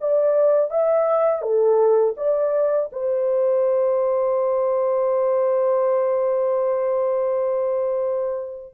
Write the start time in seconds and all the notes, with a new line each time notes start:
0.00 D5
0.70 E5
1.41 A4
2.17 D5
2.92 C5